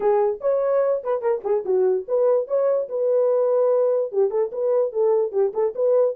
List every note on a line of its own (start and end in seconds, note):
0.00 0.39 G#4
0.41 1.02 C#5
1.03 1.21 B4
1.21 1.42 A#4
1.44 1.64 G#4
1.65 2.06 F#4
2.08 2.47 B4
2.47 2.88 C#5
2.89 4.12 B4
4.12 4.30 G4
4.30 4.51 A4
4.52 4.92 B4
4.92 5.31 A4
5.31 5.52 G4
5.53 5.74 A4
5.75 6.15 B4